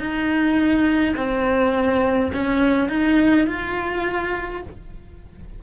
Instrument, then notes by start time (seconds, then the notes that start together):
cello
0.00 D#4
1.17 C4
2.33 C#4
2.90 D#4
3.47 F4